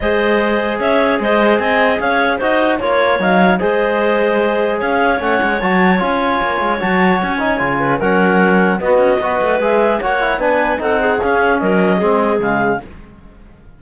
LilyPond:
<<
  \new Staff \with { instrumentName = "clarinet" } { \time 4/4 \tempo 4 = 150 dis''2 e''4 dis''4 | gis''4 f''4 dis''4 cis''4 | f''4 dis''2. | f''4 fis''4 a''4 gis''4~ |
gis''4 a''4 gis''2 | fis''2 dis''2 | e''4 fis''4 gis''4 fis''4 | f''4 dis''2 f''4 | }
  \new Staff \with { instrumentName = "clarinet" } { \time 4/4 c''2 cis''4 c''4 | dis''4 cis''4 c''4 cis''4~ | cis''4 c''2. | cis''1~ |
cis''2.~ cis''8 b'8 | ais'2 fis'4 b'4~ | b'4 cis''4 b'4 a'8 gis'8~ | gis'4 ais'4 gis'2 | }
  \new Staff \with { instrumentName = "trombone" } { \time 4/4 gis'1~ | gis'2 fis'4 f'4 | dis'4 gis'2.~ | gis'4 cis'4 fis'4 f'4~ |
f'4 fis'4. dis'8 f'4 | cis'2 b4 fis'4 | gis'4 fis'8 e'8 d'4 dis'4 | cis'2 c'4 gis4 | }
  \new Staff \with { instrumentName = "cello" } { \time 4/4 gis2 cis'4 gis4 | c'4 cis'4 dis'4 ais4 | fis4 gis2. | cis'4 a8 gis8 fis4 cis'4 |
ais8 gis8 fis4 cis'4 cis4 | fis2 b8 cis'8 b8 a8 | gis4 ais4 b4 c'4 | cis'4 fis4 gis4 cis4 | }
>>